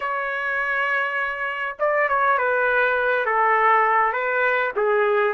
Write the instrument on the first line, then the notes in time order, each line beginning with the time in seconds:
trumpet
0.00 C#5
1.79 D5
2.08 C#5
2.38 B4
3.25 A4
4.12 B4
4.76 G#4